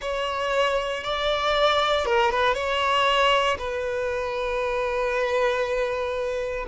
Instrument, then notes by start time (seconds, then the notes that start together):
violin
0.01 C#5
1.03 D5
2.05 A#4
2.30 B4
2.54 C#5
3.58 B4